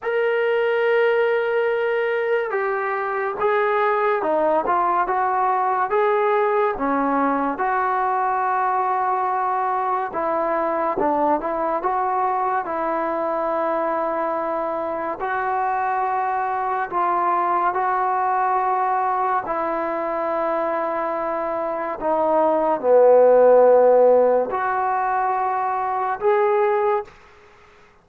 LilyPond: \new Staff \with { instrumentName = "trombone" } { \time 4/4 \tempo 4 = 71 ais'2. g'4 | gis'4 dis'8 f'8 fis'4 gis'4 | cis'4 fis'2. | e'4 d'8 e'8 fis'4 e'4~ |
e'2 fis'2 | f'4 fis'2 e'4~ | e'2 dis'4 b4~ | b4 fis'2 gis'4 | }